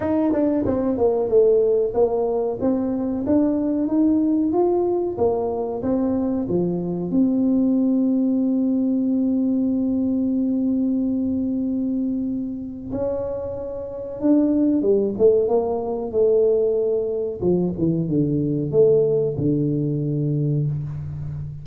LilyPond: \new Staff \with { instrumentName = "tuba" } { \time 4/4 \tempo 4 = 93 dis'8 d'8 c'8 ais8 a4 ais4 | c'4 d'4 dis'4 f'4 | ais4 c'4 f4 c'4~ | c'1~ |
c'1 | cis'2 d'4 g8 a8 | ais4 a2 f8 e8 | d4 a4 d2 | }